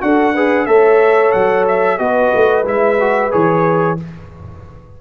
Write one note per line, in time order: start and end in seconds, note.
0.00 0.67 D4
0.00 0.33 F#4
0.00 0.34 A4
0.00 0.65 F#5
0.34 0.67 G#4
0.34 0.67 B4
0.65 1.33 A3
0.65 1.98 A4
0.65 2.00 C#5
0.65 1.31 E5
1.31 1.98 F#3
1.31 1.64 F#5
1.67 1.98 E5
1.98 2.31 B3
1.98 2.64 F#4
1.98 4.01 B4
1.98 2.64 D#5
2.34 2.64 A3
2.64 3.30 G#3
2.64 2.98 E4
2.64 3.32 E5
3.00 3.30 F#4
3.30 4.00 E3
3.30 3.96 G#4
3.30 3.98 C#5